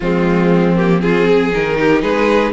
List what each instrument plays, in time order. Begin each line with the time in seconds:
0.00 cello F3, viola G#3, violin C4 F4
0.76 viola A#3, violin G4
1.00 viola C4, violin F4 G#4
1.27 violin G#4
1.53 cello D#3, viola D#4, violin A#4
1.79 violin G4
2.01 cello G#3, violin G#4 B4